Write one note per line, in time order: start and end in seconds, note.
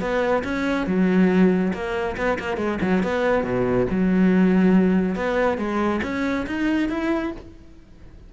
0.00 0.43 B3
0.44 0.86 C#4
0.86 1.72 F#3
1.73 2.16 A#3
2.16 2.38 B3
2.39 2.57 A#3
2.57 2.78 G#3
2.81 3.03 F#3
3.03 3.43 B3
3.43 3.86 B2
3.90 5.15 F#3
5.15 5.57 B3
5.57 6.00 G#3
6.03 6.46 C#4
6.46 6.89 D#4
6.89 7.31 E4